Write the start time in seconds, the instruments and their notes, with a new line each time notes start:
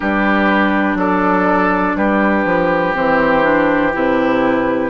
0.00 bassoon G3, clarinet D4, oboe G4, flute B4
0.94 bassoon F#3, oboe A4, flute D5
1.95 bassoon G3, oboe G4, flute B4
2.44 bassoon F3
2.95 bassoon E3, clarinet C4, flute C5
3.42 clarinet D4
3.92 bassoon C3, clarinet E4, flute B4